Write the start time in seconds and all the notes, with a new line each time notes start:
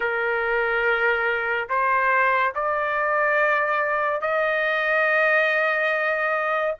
0.00 A#4
1.69 C5
2.55 D5
4.21 D#5